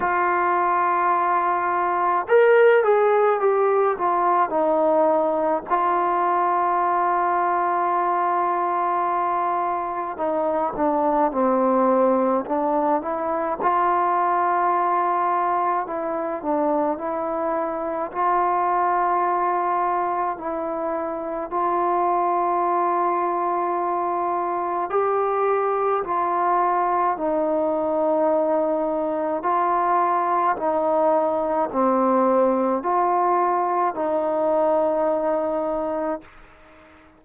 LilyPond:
\new Staff \with { instrumentName = "trombone" } { \time 4/4 \tempo 4 = 53 f'2 ais'8 gis'8 g'8 f'8 | dis'4 f'2.~ | f'4 dis'8 d'8 c'4 d'8 e'8 | f'2 e'8 d'8 e'4 |
f'2 e'4 f'4~ | f'2 g'4 f'4 | dis'2 f'4 dis'4 | c'4 f'4 dis'2 | }